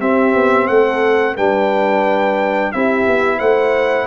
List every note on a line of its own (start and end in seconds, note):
0.00 0.34 C4
0.00 1.37 C4
0.00 0.68 G4
0.00 0.67 E5
0.35 0.69 B3
0.67 1.37 A3
0.67 1.36 A4
0.67 1.36 F#5
1.36 2.73 G3
1.36 2.73 D4
1.36 2.72 B4
1.36 2.72 G5
2.72 3.07 C4
2.72 4.08 E4
2.72 3.38 G4
2.72 3.39 E5
3.07 3.40 B3
3.38 4.08 A3
3.38 4.07 C5
3.38 4.08 F#5